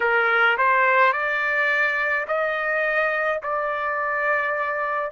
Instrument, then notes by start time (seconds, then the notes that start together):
trumpet
0.00 A#4
0.57 C5
1.13 D5
2.27 D#5
3.42 D5